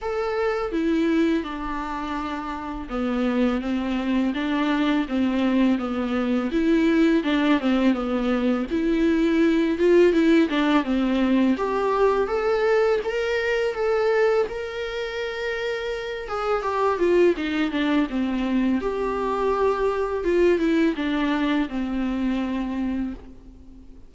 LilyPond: \new Staff \with { instrumentName = "viola" } { \time 4/4 \tempo 4 = 83 a'4 e'4 d'2 | b4 c'4 d'4 c'4 | b4 e'4 d'8 c'8 b4 | e'4. f'8 e'8 d'8 c'4 |
g'4 a'4 ais'4 a'4 | ais'2~ ais'8 gis'8 g'8 f'8 | dis'8 d'8 c'4 g'2 | f'8 e'8 d'4 c'2 | }